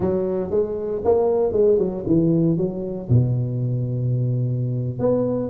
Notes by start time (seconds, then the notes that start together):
0.00 F#3
0.50 G#3
1.04 A#3
1.52 G#3
1.78 F#3
2.06 E3
2.57 F#3
3.09 B2
4.99 B3